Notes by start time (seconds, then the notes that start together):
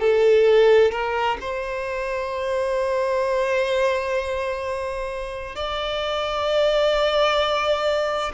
0.00 A4
0.92 A#4
1.41 C5
5.56 D5